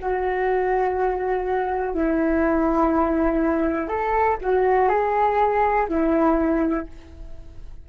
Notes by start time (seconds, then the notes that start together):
0.00 F#4
1.94 E4
3.88 A4
4.41 F#4
4.89 G#4
5.88 E4